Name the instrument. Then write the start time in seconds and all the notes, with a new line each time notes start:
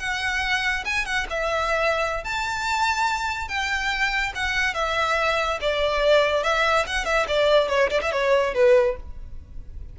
violin
0.00 F#5
0.85 G#5
1.06 F#5
1.30 E5
2.25 A5
3.49 G5
4.35 F#5
4.75 E5
5.61 D5
6.44 E5
6.87 F#5
7.05 E5
7.28 D5
7.69 C#5
7.91 D5
8.02 E5
8.12 C#5
8.54 B4